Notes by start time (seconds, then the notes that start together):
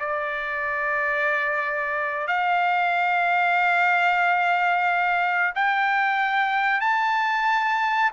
0.00 D5
2.28 F5
5.55 G5
6.81 A5